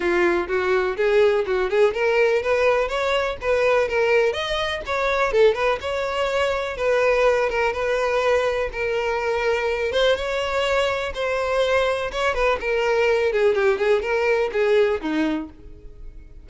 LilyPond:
\new Staff \with { instrumentName = "violin" } { \time 4/4 \tempo 4 = 124 f'4 fis'4 gis'4 fis'8 gis'8 | ais'4 b'4 cis''4 b'4 | ais'4 dis''4 cis''4 a'8 b'8 | cis''2 b'4. ais'8 |
b'2 ais'2~ | ais'8 c''8 cis''2 c''4~ | c''4 cis''8 b'8 ais'4. gis'8 | g'8 gis'8 ais'4 gis'4 dis'4 | }